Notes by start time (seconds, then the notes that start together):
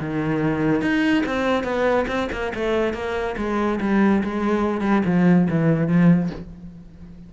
0.00 D#3
0.81 D#4
1.26 C4
1.63 B3
2.07 C4
2.32 A#3
2.55 A3
2.93 A#3
3.37 G#3
3.80 G3
4.23 G#3
4.81 G3
5.06 F3
5.50 E3
5.88 F3